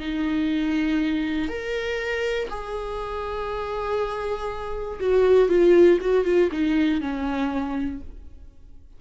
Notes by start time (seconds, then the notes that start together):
0.00 D#4
1.49 A#4
2.50 G#4
5.00 F#4
5.49 F4
6.01 F#4
6.25 F4
6.52 D#4
7.01 C#4